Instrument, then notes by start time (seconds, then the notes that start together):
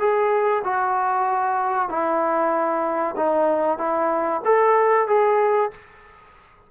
trombone
0.00 G#4
0.65 F#4
1.89 E4
3.17 D#4
3.79 E4
4.45 A4
5.08 G#4